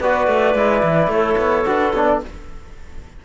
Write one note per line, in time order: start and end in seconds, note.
0.00 0.27 B3
0.00 0.56 F#4
0.00 1.12 B4
0.00 1.13 D5
0.27 0.55 A3
0.55 0.83 G#3
0.55 1.66 E4
0.83 1.08 E3
1.08 1.35 A3
1.08 1.68 C#5
1.14 2.25 A4
1.37 1.65 B3
1.66 1.93 D4
1.66 1.93 F#4
1.66 1.93 B4
1.93 2.21 B3
1.93 2.23 D4
1.93 2.06 C#5
2.06 2.20 D5